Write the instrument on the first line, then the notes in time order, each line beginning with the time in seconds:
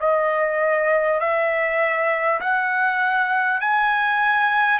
trumpet
0.00 D#5
1.20 E5
2.41 F#5
3.61 G#5